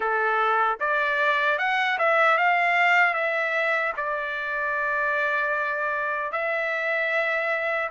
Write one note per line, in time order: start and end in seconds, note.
0.00 0.78 A4
0.80 1.58 D5
1.58 1.97 F#5
1.98 2.37 E5
2.37 3.14 F5
3.14 3.93 E5
3.97 6.32 D5
6.32 7.89 E5